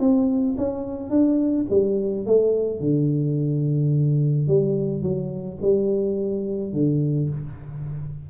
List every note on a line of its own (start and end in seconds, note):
0.00 0.56 C4
0.58 1.10 C#4
1.10 1.66 D4
1.70 2.26 G3
2.26 2.80 A3
2.80 4.48 D3
4.48 5.03 G3
5.03 5.59 F#3
5.62 6.73 G3
6.73 7.29 D3